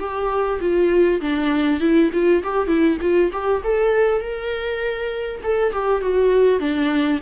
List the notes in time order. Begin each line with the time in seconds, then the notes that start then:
0.00 G4
0.61 F4
1.21 D4
1.81 E4
2.13 F4
2.44 G4
2.68 E4
3.01 F4
3.33 G4
3.64 A4
4.21 A#4
5.44 A4
5.73 G4
6.02 F#4
6.60 D4